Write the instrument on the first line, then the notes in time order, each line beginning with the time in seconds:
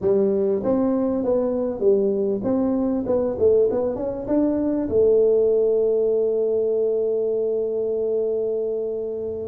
tuba
0.01 G3
0.63 C4
1.23 B3
1.79 G3
2.43 C4
3.06 B3
3.38 A3
3.70 B3
3.95 C#4
4.27 D4
4.88 A3